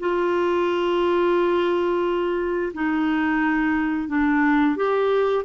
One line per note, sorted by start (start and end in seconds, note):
0.00 2.73 F4
2.74 4.08 D#4
4.08 4.76 D4
4.76 5.45 G4